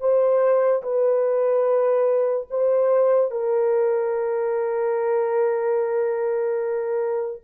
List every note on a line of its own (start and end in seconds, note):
0.00 0.82 C5
0.83 2.47 B4
2.50 3.31 C5
3.31 7.42 A#4